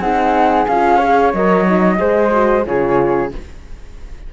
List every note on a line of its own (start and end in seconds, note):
0.00 0.66 C4
0.00 0.68 D#4
0.00 0.97 G#4
0.00 0.66 F#5
0.67 1.33 C#4
0.67 1.01 F4
0.67 1.33 F5
0.97 1.34 G#4
0.97 1.96 C#5
1.33 1.99 F#3
1.33 1.66 A#4
1.33 2.65 D#5
1.66 1.98 D#4
1.98 2.66 G#3
1.98 2.30 G#4
1.98 2.66 C5
2.31 2.64 F#4
2.66 3.32 C#3
2.66 3.32 F4
2.66 3.33 G#4
2.66 3.32 C#5